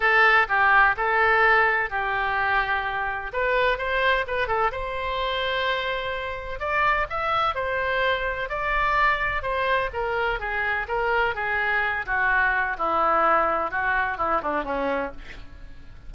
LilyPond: \new Staff \with { instrumentName = "oboe" } { \time 4/4 \tempo 4 = 127 a'4 g'4 a'2 | g'2. b'4 | c''4 b'8 a'8 c''2~ | c''2 d''4 e''4 |
c''2 d''2 | c''4 ais'4 gis'4 ais'4 | gis'4. fis'4. e'4~ | e'4 fis'4 e'8 d'8 cis'4 | }